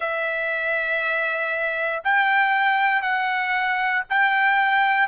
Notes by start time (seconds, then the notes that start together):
0.00 E5
2.03 G5
3.01 F#5
4.09 G5